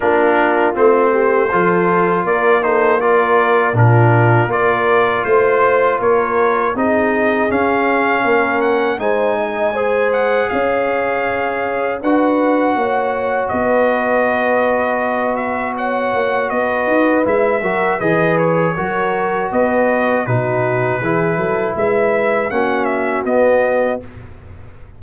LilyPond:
<<
  \new Staff \with { instrumentName = "trumpet" } { \time 4/4 \tempo 4 = 80 ais'4 c''2 d''8 c''8 | d''4 ais'4 d''4 c''4 | cis''4 dis''4 f''4. fis''8 | gis''4. fis''8 f''2 |
fis''2 dis''2~ | dis''8 e''8 fis''4 dis''4 e''4 | dis''8 cis''4. dis''4 b'4~ | b'4 e''4 fis''8 e''8 dis''4 | }
  \new Staff \with { instrumentName = "horn" } { \time 4/4 f'4. g'8 a'4 ais'8 a'8 | ais'4 f'4 ais'4 c''4 | ais'4 gis'2 ais'4 | c''8 dis''8 c''4 cis''2 |
b'4 cis''4 b'2~ | b'4 cis''4 b'4. ais'8 | b'4 ais'4 b'4 fis'4 | gis'8 a'8 b'4 fis'2 | }
  \new Staff \with { instrumentName = "trombone" } { \time 4/4 d'4 c'4 f'4. dis'8 | f'4 d'4 f'2~ | f'4 dis'4 cis'2 | dis'4 gis'2. |
fis'1~ | fis'2. e'8 fis'8 | gis'4 fis'2 dis'4 | e'2 cis'4 b4 | }
  \new Staff \with { instrumentName = "tuba" } { \time 4/4 ais4 a4 f4 ais4~ | ais4 ais,4 ais4 a4 | ais4 c'4 cis'4 ais4 | gis2 cis'2 |
d'4 ais4 b2~ | b4. ais8 b8 dis'8 gis8 fis8 | e4 fis4 b4 b,4 | e8 fis8 gis4 ais4 b4 | }
>>